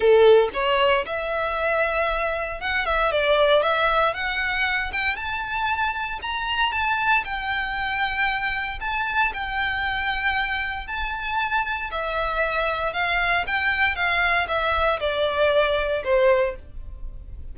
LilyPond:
\new Staff \with { instrumentName = "violin" } { \time 4/4 \tempo 4 = 116 a'4 cis''4 e''2~ | e''4 fis''8 e''8 d''4 e''4 | fis''4. g''8 a''2 | ais''4 a''4 g''2~ |
g''4 a''4 g''2~ | g''4 a''2 e''4~ | e''4 f''4 g''4 f''4 | e''4 d''2 c''4 | }